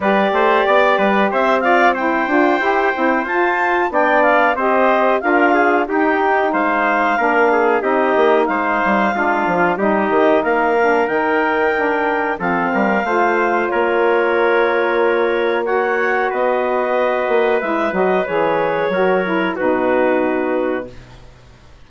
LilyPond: <<
  \new Staff \with { instrumentName = "clarinet" } { \time 4/4 \tempo 4 = 92 d''2 e''8 f''8 g''4~ | g''4 a''4 g''8 f''8 dis''4 | f''4 g''4 f''2 | dis''4 f''2 dis''4 |
f''4 g''2 f''4~ | f''4 cis''2. | fis''4 dis''2 e''8 dis''8 | cis''2 b'2 | }
  \new Staff \with { instrumentName = "trumpet" } { \time 4/4 b'8 c''8 d''8 b'8 c''8 d''8 c''4~ | c''2 d''4 c''4 | ais'8 gis'8 g'4 c''4 ais'8 gis'8 | g'4 c''4 f'4 g'4 |
ais'2. a'8 ais'8 | c''4 ais'2. | cis''4 b'2.~ | b'4 ais'4 fis'2 | }
  \new Staff \with { instrumentName = "saxophone" } { \time 4/4 g'2~ g'8 f'8 e'8 f'8 | g'8 e'8 f'4 d'4 g'4 | f'4 dis'2 d'4 | dis'2 d'4 dis'4~ |
dis'8 d'8 dis'4 d'4 c'4 | f'1 | fis'2. e'8 fis'8 | gis'4 fis'8 e'8 dis'2 | }
  \new Staff \with { instrumentName = "bassoon" } { \time 4/4 g8 a8 b8 g8 c'4. d'8 | e'8 c'8 f'4 b4 c'4 | d'4 dis'4 gis4 ais4 | c'8 ais8 gis8 g8 gis8 f8 g8 dis8 |
ais4 dis2 f8 g8 | a4 ais2.~ | ais4 b4. ais8 gis8 fis8 | e4 fis4 b,2 | }
>>